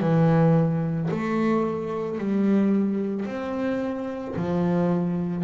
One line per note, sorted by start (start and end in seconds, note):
0.00 1.09 E3
1.11 2.18 A3
2.18 3.26 G3
3.26 4.35 C4
4.36 5.44 F3